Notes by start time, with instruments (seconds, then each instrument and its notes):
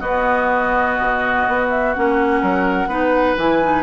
0.00 clarinet B3, bassoon B3, oboe F#4, flute D#5
0.99 bassoon B2
1.48 bassoon B3
1.70 flute E5
1.93 bassoon A#3, clarinet C#4, flute F#5
2.42 bassoon F#3, oboe A#4
2.87 bassoon B3, clarinet D#4, oboe B4
3.38 bassoon E3, clarinet E4, flute G#5
3.62 clarinet D#4